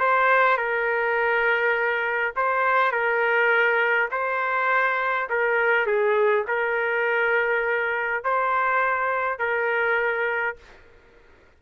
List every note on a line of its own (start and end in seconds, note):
0.00 0.57 C5
0.57 2.34 A#4
2.36 2.92 C5
2.92 4.10 A#4
4.12 5.29 C5
5.30 5.87 A#4
5.87 6.45 G#4
6.48 8.24 A#4
8.24 9.39 C5
9.39 10.57 A#4